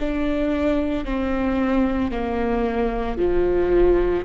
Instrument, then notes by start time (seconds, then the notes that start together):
viola
0.00 D4
1.05 C4
2.11 A#3
3.18 F3